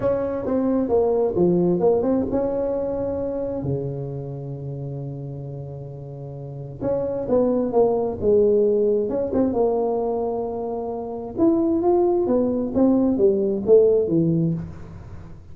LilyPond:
\new Staff \with { instrumentName = "tuba" } { \time 4/4 \tempo 4 = 132 cis'4 c'4 ais4 f4 | ais8 c'8 cis'2. | cis1~ | cis2. cis'4 |
b4 ais4 gis2 | cis'8 c'8 ais2.~ | ais4 e'4 f'4 b4 | c'4 g4 a4 e4 | }